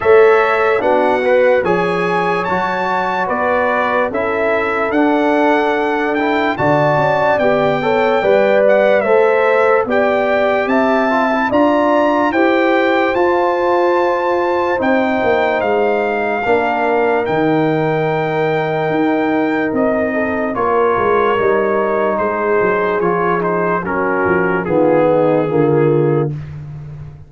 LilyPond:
<<
  \new Staff \with { instrumentName = "trumpet" } { \time 4/4 \tempo 4 = 73 e''4 fis''4 gis''4 a''4 | d''4 e''4 fis''4. g''8 | a''4 g''4. fis''8 e''4 | g''4 a''4 ais''4 g''4 |
a''2 g''4 f''4~ | f''4 g''2. | dis''4 cis''2 c''4 | cis''8 c''8 ais'4 gis'2 | }
  \new Staff \with { instrumentName = "horn" } { \time 4/4 cis''4 fis'4 cis''2 | b'4 a'2. | d''4. cis''8 d''4 c''4 | d''4 e''4 d''4 c''4~ |
c''1 | ais'1~ | ais'8 a'8 ais'2 gis'4~ | gis'4 fis'4 f'8 dis'8 f'4 | }
  \new Staff \with { instrumentName = "trombone" } { \time 4/4 a'4 d'8 b'8 gis'4 fis'4~ | fis'4 e'4 d'4. e'8 | fis'4 g'8 a'8 b'4 a'4 | g'4. f'16 e'16 f'4 g'4 |
f'2 dis'2 | d'4 dis'2.~ | dis'4 f'4 dis'2 | f'8 dis'8 cis'4 b4 ais4 | }
  \new Staff \with { instrumentName = "tuba" } { \time 4/4 a4 b4 f4 fis4 | b4 cis'4 d'2 | d8 cis'8 b4 g4 a4 | b4 c'4 d'4 e'4 |
f'2 c'8 ais8 gis4 | ais4 dis2 dis'4 | c'4 ais8 gis8 g4 gis8 fis8 | f4 fis8 f8 dis4 d4 | }
>>